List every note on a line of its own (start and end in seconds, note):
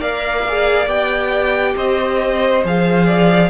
0.00 0.87 A#3
0.00 0.44 A#4
0.00 1.74 D5
0.00 0.88 F5
0.48 0.87 G#4
0.87 1.74 B3
0.87 2.61 G4
0.87 1.75 G5
1.76 2.64 C4
1.76 3.06 C5
1.76 2.64 D#5
2.64 3.50 F3
2.64 3.50 G#4
2.64 3.50 F5
3.06 3.50 D5